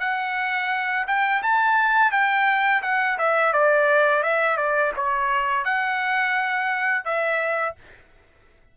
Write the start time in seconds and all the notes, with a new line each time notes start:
0.00 F#5
1.07 G5
1.43 A5
2.11 G5
2.83 F#5
3.19 E5
3.53 D5
4.24 E5
4.57 D5
4.96 C#5
5.65 F#5
7.05 E5